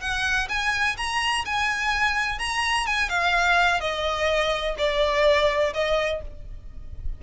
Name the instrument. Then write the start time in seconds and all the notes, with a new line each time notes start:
violin
0.00 F#5
0.49 G#5
0.97 A#5
1.45 G#5
2.39 A#5
2.86 G#5
3.09 F5
3.80 D#5
4.78 D5
5.73 D#5